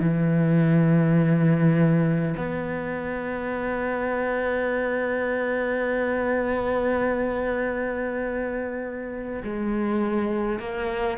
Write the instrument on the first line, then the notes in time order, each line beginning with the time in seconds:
cello
0.00 E3
2.37 B3
9.44 G#3
10.59 A#3